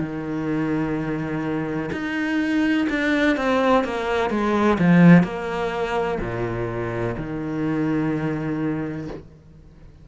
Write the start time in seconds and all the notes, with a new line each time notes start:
0.00 D#3
1.93 D#4
2.90 D4
3.37 C4
3.84 A#3
4.31 G#3
4.79 F3
5.24 A#3
6.21 A#2
7.17 D#3